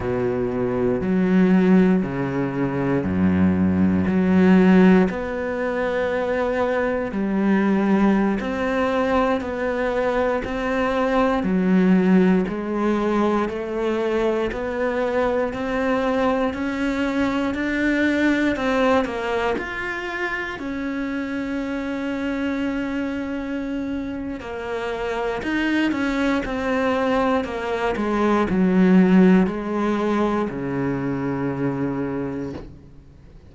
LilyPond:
\new Staff \with { instrumentName = "cello" } { \time 4/4 \tempo 4 = 59 b,4 fis4 cis4 fis,4 | fis4 b2 g4~ | g16 c'4 b4 c'4 fis8.~ | fis16 gis4 a4 b4 c'8.~ |
c'16 cis'4 d'4 c'8 ais8 f'8.~ | f'16 cis'2.~ cis'8. | ais4 dis'8 cis'8 c'4 ais8 gis8 | fis4 gis4 cis2 | }